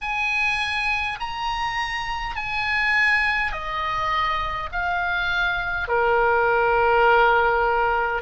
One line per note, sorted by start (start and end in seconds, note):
0.01 1.18 G#5
1.20 2.36 A#5
2.36 3.51 G#5
3.51 4.69 D#5
4.72 5.88 F5
5.88 8.21 A#4